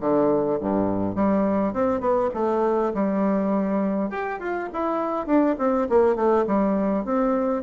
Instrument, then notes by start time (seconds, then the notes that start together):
bassoon
0.00 D3
0.60 G2
1.15 G3
1.73 C4
2.00 B3
2.34 A3
2.94 G3
4.10 G4
4.40 F4
4.73 E4
5.26 D4
5.58 C4
5.89 A#3
6.16 A3
6.47 G3
7.05 C4